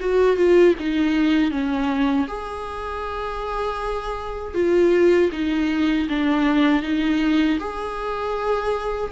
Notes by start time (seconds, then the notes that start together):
0.00 F#4
0.36 F4
0.79 D#4
1.51 C#4
2.28 G#4
4.54 F4
5.32 D#4
6.09 D4
6.83 D#4
7.59 G#4